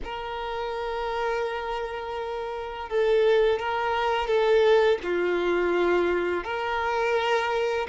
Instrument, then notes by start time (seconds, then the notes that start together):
violin
0.04 A#4
2.89 A4
3.59 A#4
4.27 A4
5.03 F4
6.44 A#4